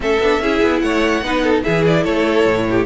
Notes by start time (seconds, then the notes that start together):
0.00 A3 C#4 A4 E5
0.19 B3 D4
0.40 C#4 E4 G#4
0.62 B3
0.80 A3 C#5 F#5
1.21 B3 D#4 B4
1.43 A4
1.63 E3 E4 G#4 E5
1.86 D5
2.03 A3 A4 C#5
2.45 A2
2.70 G4